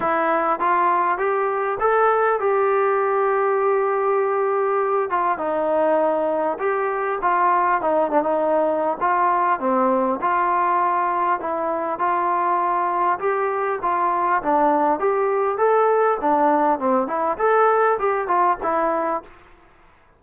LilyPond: \new Staff \with { instrumentName = "trombone" } { \time 4/4 \tempo 4 = 100 e'4 f'4 g'4 a'4 | g'1~ | g'8 f'8 dis'2 g'4 | f'4 dis'8 d'16 dis'4~ dis'16 f'4 |
c'4 f'2 e'4 | f'2 g'4 f'4 | d'4 g'4 a'4 d'4 | c'8 e'8 a'4 g'8 f'8 e'4 | }